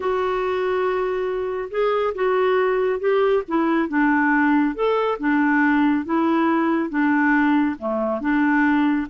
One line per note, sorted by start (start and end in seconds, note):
0.00 1.69 F#4
1.70 2.13 G#4
2.14 2.99 F#4
2.99 3.43 G4
3.48 3.88 E4
3.88 4.74 D4
4.74 5.18 A4
5.19 6.05 D4
6.05 6.89 E4
6.89 7.76 D4
7.79 8.21 A3
8.21 9.07 D4